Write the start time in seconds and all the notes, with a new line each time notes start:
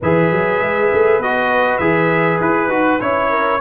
0.01 E3 G#4 B4 E5
0.31 F#3
0.60 G#3
0.93 A3
1.18 B3 F#4 D#5
1.78 E3 G#4 E5
2.40 E4 B4
2.68 D#4 F#4
3.00 C#4 E4 C#5
3.29 A#4